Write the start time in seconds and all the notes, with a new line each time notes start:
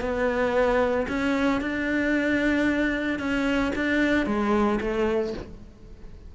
0.00 B3
1.08 C#4
1.60 D4
3.19 C#4
3.75 D4
4.26 G#3
4.80 A3